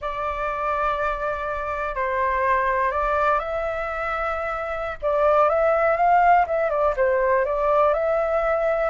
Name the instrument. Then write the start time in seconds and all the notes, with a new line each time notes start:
flute
0.01 D5
1.95 C5
2.91 D5
3.39 E5
5.02 D5
5.49 E5
5.96 F5
6.46 E5
6.70 D5
6.96 C5
7.45 D5
7.93 E5